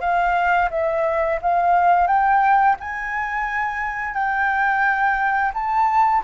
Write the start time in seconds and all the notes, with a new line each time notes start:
0.00 F5
0.70 E5
1.42 F5
2.07 G5
2.80 G#5
4.14 G5
5.54 A5